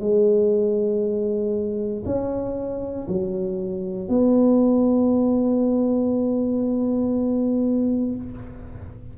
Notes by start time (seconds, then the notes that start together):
0.00 G#3
2.06 C#4
3.08 F#3
4.09 B3